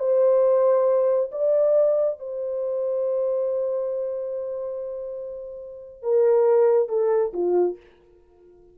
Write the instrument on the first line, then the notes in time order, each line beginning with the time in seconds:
horn
0.00 C5
1.32 D5
2.20 C5
6.03 A#4
6.89 A4
7.34 F4